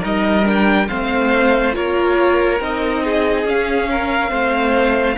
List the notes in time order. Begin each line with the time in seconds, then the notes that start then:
0.00 G3 D#4 A#4 D#5
0.45 D4 G5
0.88 A3 C4 C5 F5
1.73 A#3 F4 A#4 C#5
2.60 C4 D#4 D#5
3.04 G#4
3.45 C#4 F5
3.91 A#4
4.29 A3 C4 C5